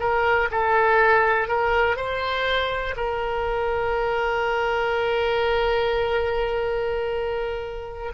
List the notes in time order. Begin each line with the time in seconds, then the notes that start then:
0.00 A#4
0.52 A4
1.48 A#4
1.97 C5
2.97 A#4